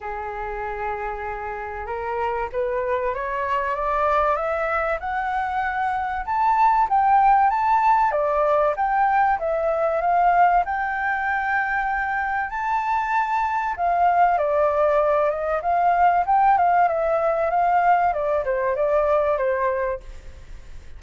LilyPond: \new Staff \with { instrumentName = "flute" } { \time 4/4 \tempo 4 = 96 gis'2. ais'4 | b'4 cis''4 d''4 e''4 | fis''2 a''4 g''4 | a''4 d''4 g''4 e''4 |
f''4 g''2. | a''2 f''4 d''4~ | d''8 dis''8 f''4 g''8 f''8 e''4 | f''4 d''8 c''8 d''4 c''4 | }